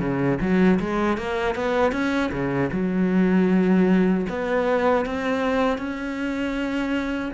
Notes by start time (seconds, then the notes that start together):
0.00 C#3
0.41 F#3
0.79 G#3
1.17 A#3
1.55 B3
1.92 C#4
2.31 C#3
2.72 F#3
4.29 B3
5.06 C4
5.78 C#4